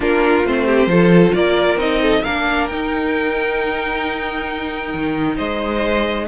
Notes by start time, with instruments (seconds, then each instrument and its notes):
0.00 cello A#3, viola D4, violin F4 A#4
0.44 cello A3, viola C4, violin C5
0.66 violin G4
0.87 cello F3, viola F4, violin A4
1.33 cello A#3, violin A#4 D5
1.76 cello C4, viola D#4, violin D#5
2.01 violin A4
2.23 cello A#3, viola D4, violin A#4 F5
2.67 cello D#4, viola D#4, violin G5
4.93 cello D#3
5.36 cello G#3, violin C5 D#5